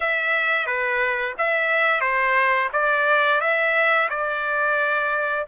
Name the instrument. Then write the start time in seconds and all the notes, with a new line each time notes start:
trumpet
0.00 E5
0.66 B4
1.38 E5
2.01 C5
2.72 D5
3.40 E5
4.09 D5